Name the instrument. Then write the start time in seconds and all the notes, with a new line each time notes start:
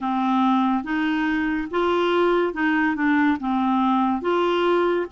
clarinet
0.00 C4
0.83 D#4
1.71 F4
2.53 D#4
2.95 D4
3.40 C4
4.21 F4